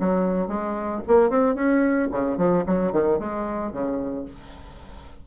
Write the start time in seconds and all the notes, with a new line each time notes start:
0.00 F#3
0.48 G#3
1.07 A#3
1.30 C4
1.55 C#4
2.11 C#3
2.37 F3
2.66 F#3
2.92 D#3
3.19 G#3
3.72 C#3